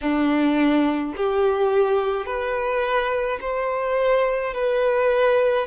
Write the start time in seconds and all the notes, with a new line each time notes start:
0.01 D4
1.16 G4
2.25 B4
3.41 C5
4.53 B4